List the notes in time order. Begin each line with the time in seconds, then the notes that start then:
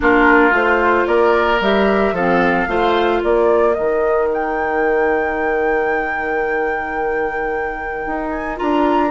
0.00 A#3 D4 F4 A#4
0.51 A3 F4 C5
1.06 A#3 A#4 D5
1.60 G3 G4 E5
2.12 F3 C4 A4 F5
2.67 A3 F4 C5
3.22 A#3 A#4 D5
3.73 D#3 D#4 D#5
4.33 G5
8.06 D#4
8.29 G#5
8.56 D4 F4 A#5